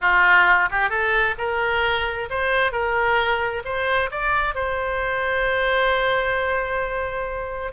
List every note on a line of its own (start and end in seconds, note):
0.01 0.69 F4
0.70 0.89 G4
0.89 1.35 A4
1.38 2.29 A#4
2.30 2.71 C5
2.71 3.62 A#4
3.64 4.10 C5
4.11 4.55 D5
4.55 7.73 C5